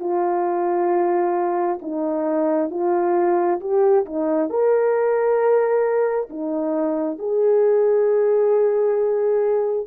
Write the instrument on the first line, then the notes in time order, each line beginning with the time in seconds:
horn
0.00 F4
1.82 D#4
2.71 F4
3.61 G4
4.06 D#4
4.50 A#4
6.30 D#4
7.19 G#4